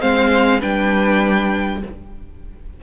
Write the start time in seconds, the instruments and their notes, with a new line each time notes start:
0.00 cello G#3, viola C4, violin C5 F5
0.60 cello G3, viola D4, violin B4 G5